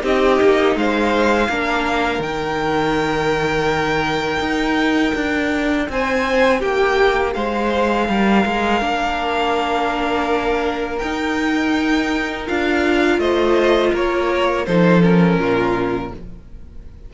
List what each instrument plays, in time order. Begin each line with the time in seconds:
0.00 cello C4, viola D#4, violin G4 D#5
0.40 cello A#3
0.75 cello G#3, violin C5 F5
1.48 cello A#3, viola D4, violin A#4
2.19 cello D#3, viola D#4, violin G5
4.39 cello D#4
5.15 cello D4
5.89 cello C4, violin C5 G#5
6.59 cello A#3, violin G4 G5
7.33 cello G#3, violin C5 F5
8.08 cello G3, violin A#4
8.45 cello G#3
8.80 cello A#3, viola D4
10.97 cello D#4, violin G5
11.04 viola D#4
12.47 cello D4, viola F4, violin F5
13.18 cello A3, violin C5 D#5
13.92 cello A#3, violin A#4 C#5
14.65 cello F3, viola D#4, violin A4 C5
15.02 viola C#4, violin A#4
15.37 cello A#2, violin F4